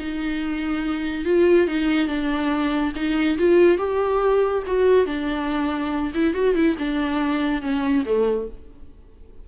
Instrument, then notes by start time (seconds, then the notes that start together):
viola
0.00 D#4
1.26 F4
1.68 D#4
2.08 D4
2.96 D#4
3.38 F4
3.78 G4
4.67 F#4
5.06 D4
6.15 E4
6.34 F#4
6.55 E4
6.79 D4
7.62 C#4
8.06 A3